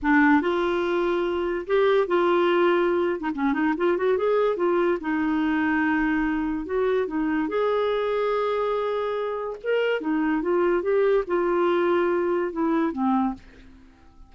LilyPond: \new Staff \with { instrumentName = "clarinet" } { \time 4/4 \tempo 4 = 144 d'4 f'2. | g'4 f'2~ f'8. dis'16 | cis'8 dis'8 f'8 fis'8 gis'4 f'4 | dis'1 |
fis'4 dis'4 gis'2~ | gis'2. ais'4 | dis'4 f'4 g'4 f'4~ | f'2 e'4 c'4 | }